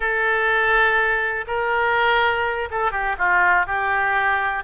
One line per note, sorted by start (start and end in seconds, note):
0.00 1.45 A4
1.47 2.69 A#4
2.71 2.91 A4
2.91 3.16 G4
3.18 3.66 F4
3.66 4.63 G4